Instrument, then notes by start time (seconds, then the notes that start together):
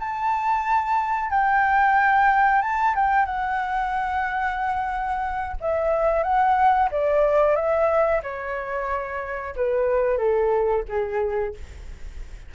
flute
0.00 A5
1.30 G5
2.62 A5
2.96 G5
3.26 F#5
5.61 E5
6.23 F#5
6.91 D5
7.56 E5
8.23 C#5
9.56 B4
10.18 A4
10.89 G#4